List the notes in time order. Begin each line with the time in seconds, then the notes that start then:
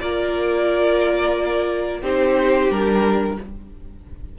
0.00 A#3 F4 A#4 D5
2.01 C4 D#4 G4 C5
2.70 G3 D4 A#4